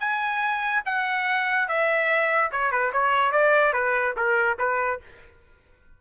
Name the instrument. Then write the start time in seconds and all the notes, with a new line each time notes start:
trumpet
0.00 G#5
0.86 F#5
1.68 E5
2.51 C#5
2.71 B4
2.93 C#5
3.32 D5
3.73 B4
4.17 A#4
4.59 B4